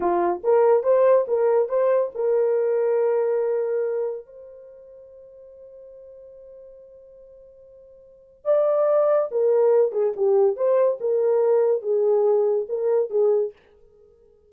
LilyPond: \new Staff \with { instrumentName = "horn" } { \time 4/4 \tempo 4 = 142 f'4 ais'4 c''4 ais'4 | c''4 ais'2.~ | ais'2 c''2~ | c''1~ |
c''1 | d''2 ais'4. gis'8 | g'4 c''4 ais'2 | gis'2 ais'4 gis'4 | }